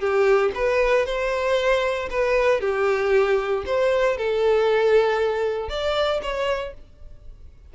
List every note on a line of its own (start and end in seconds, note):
0.00 0.52 G4
0.55 1.06 B4
1.06 2.09 C5
2.10 2.61 B4
2.61 3.64 G4
3.66 4.18 C5
4.18 5.69 A4
5.69 6.21 D5
6.22 6.74 C#5